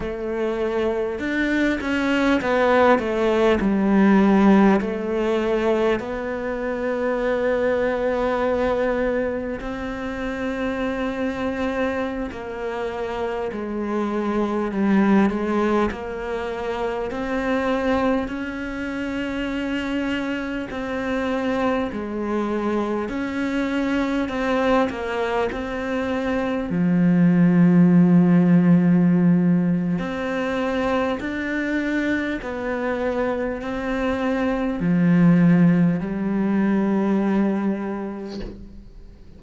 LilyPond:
\new Staff \with { instrumentName = "cello" } { \time 4/4 \tempo 4 = 50 a4 d'8 cis'8 b8 a8 g4 | a4 b2. | c'2~ c'16 ais4 gis8.~ | gis16 g8 gis8 ais4 c'4 cis'8.~ |
cis'4~ cis'16 c'4 gis4 cis'8.~ | cis'16 c'8 ais8 c'4 f4.~ f16~ | f4 c'4 d'4 b4 | c'4 f4 g2 | }